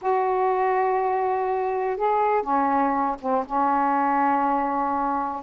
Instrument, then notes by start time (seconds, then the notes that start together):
saxophone
0.01 F#4
1.96 G#4
2.42 C#4
3.20 C4
3.46 C#4